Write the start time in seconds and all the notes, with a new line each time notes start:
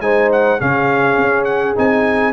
0.00 G#3 D#4 C5 G#5
0.32 F#5
0.60 C#3 C#4 G#4 F5
1.17 C#4
1.45 F#5
1.75 C4 D#4 G#5